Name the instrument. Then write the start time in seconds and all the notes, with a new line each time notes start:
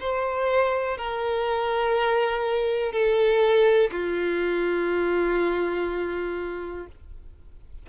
violin
0.00 C5
0.97 A#4
2.92 A4
3.91 F4